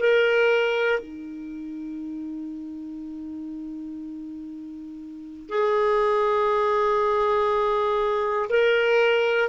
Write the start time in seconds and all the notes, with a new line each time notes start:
0.00 A#4
1.00 D#4
5.50 G#4
8.50 A#4